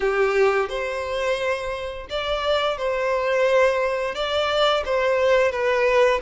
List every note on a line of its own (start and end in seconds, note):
0.00 0.69 G4
0.69 2.07 C5
2.09 2.77 D5
2.77 4.14 C5
4.14 4.83 D5
4.85 5.51 C5
5.51 6.20 B4